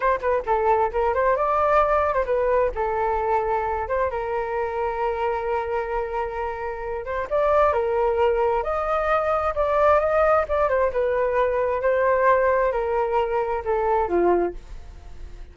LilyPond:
\new Staff \with { instrumentName = "flute" } { \time 4/4 \tempo 4 = 132 c''8 b'8 a'4 ais'8 c''8 d''4~ | d''8. c''16 b'4 a'2~ | a'8 c''8 ais'2.~ | ais'2.~ ais'8 c''8 |
d''4 ais'2 dis''4~ | dis''4 d''4 dis''4 d''8 c''8 | b'2 c''2 | ais'2 a'4 f'4 | }